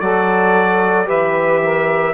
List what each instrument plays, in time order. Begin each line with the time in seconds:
0.00 bassoon F#3, trombone F#4, saxophone A4, trumpet D5
1.05 bassoon E3, trombone G4, saxophone B4, trumpet E5
1.64 saxophone A#4